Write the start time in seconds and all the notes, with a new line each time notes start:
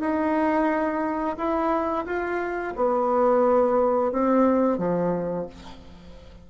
0.00 D#4
1.37 E4
2.06 F4
2.76 B3
4.12 C4
4.78 F3